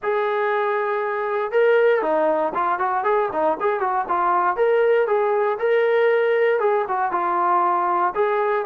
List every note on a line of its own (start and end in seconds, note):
0.02 1.51 G#4
1.51 2.02 A#4
2.02 2.53 D#4
2.54 2.79 F4
2.79 3.03 F#4
3.03 3.29 G#4
3.32 3.57 D#4
3.60 3.80 G#4
3.80 4.05 F#4
4.08 4.56 F4
4.56 5.07 A#4
5.07 5.57 G#4
5.59 6.59 A#4
6.59 6.85 G#4
6.88 7.11 F#4
7.11 8.13 F4
8.14 8.65 G#4